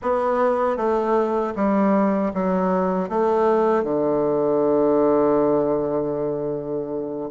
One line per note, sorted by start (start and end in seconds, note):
0.02 0.76 B3
0.76 1.53 A3
1.55 2.32 G3
2.34 3.09 F#3
3.09 3.83 A3
3.83 7.29 D3